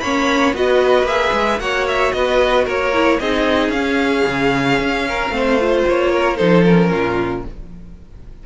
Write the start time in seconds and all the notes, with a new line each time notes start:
0.00 A#3 C#4 C#5 B5
0.54 B3 F#4 B4 D#5
1.03 A#3 G#4 E5
1.33 G#3
1.60 A#3 F#4 C#5 F#5
1.88 E5
2.13 B3 B4 D#5
2.65 A#3 A#4 C#5
2.94 E4
3.20 C4 D#4 G#4 D#5
3.69 C#4 F5
3.77 C#4
4.28 C#3
4.79 C#4
5.09 A#4
5.30 A3 C4 C5
5.61 F4
5.88 A#3 C#5
6.12 A#4
6.37 F3 D#4 A4 C5
6.65 C#4 A#4
6.91 A#2 F4